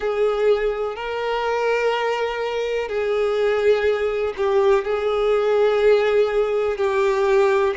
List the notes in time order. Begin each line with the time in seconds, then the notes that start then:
0.00 G#4
0.95 A#4
2.88 G#4
4.36 G4
4.84 G#4
6.77 G4